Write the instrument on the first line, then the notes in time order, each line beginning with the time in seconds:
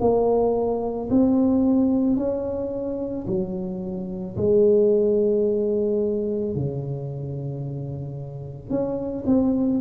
tuba
0.00 A#3
1.10 C4
2.17 C#4
3.27 F#3
4.36 G#3
6.55 C#3
8.70 C#4
9.26 C4